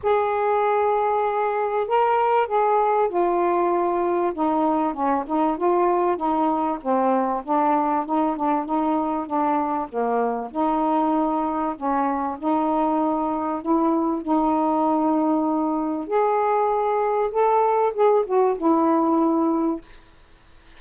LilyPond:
\new Staff \with { instrumentName = "saxophone" } { \time 4/4 \tempo 4 = 97 gis'2. ais'4 | gis'4 f'2 dis'4 | cis'8 dis'8 f'4 dis'4 c'4 | d'4 dis'8 d'8 dis'4 d'4 |
ais4 dis'2 cis'4 | dis'2 e'4 dis'4~ | dis'2 gis'2 | a'4 gis'8 fis'8 e'2 | }